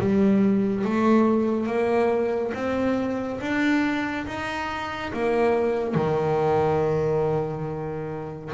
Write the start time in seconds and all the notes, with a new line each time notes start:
0.00 G3
0.85 A3
1.67 A#3
2.54 C4
3.41 D4
4.27 D#4
5.14 A#3
5.95 D#3